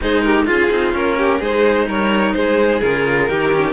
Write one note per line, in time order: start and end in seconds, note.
0.01 0.49 G#3
0.01 0.46 D#4
0.01 0.24 G#4
0.01 0.21 C5
0.21 0.46 G4
0.21 0.45 A#4
0.46 0.70 C#4
0.46 0.69 F4
0.46 1.17 F4
0.46 0.94 G#4
0.70 0.94 C4
0.70 0.92 D#4
0.92 1.40 A#3
0.92 1.39 C#4
0.92 1.41 A#4
1.17 1.39 G4
1.39 1.87 G#3
1.39 2.80 D#4
1.39 1.86 G#4
1.39 1.88 C5
1.87 2.34 G3
1.87 2.35 A#4
1.87 2.33 C#5
2.33 2.82 G#3
2.33 3.29 G#4
2.33 2.80 C5
2.80 3.29 C#3
2.80 3.28 F4
2.80 3.73 A#4
3.28 3.73 D#3
3.28 3.52 D#4
3.28 3.73 G4
3.52 3.73 C#4